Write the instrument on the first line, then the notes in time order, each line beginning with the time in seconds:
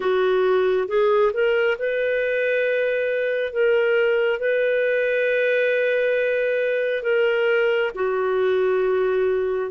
clarinet
0.00 F#4
0.87 G#4
1.33 A#4
1.78 B4
3.53 A#4
4.39 B4
7.03 A#4
7.95 F#4